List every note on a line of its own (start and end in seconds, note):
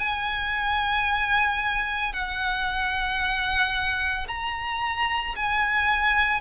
0.00 2.13 G#5
2.13 4.28 F#5
4.28 5.35 A#5
5.36 6.41 G#5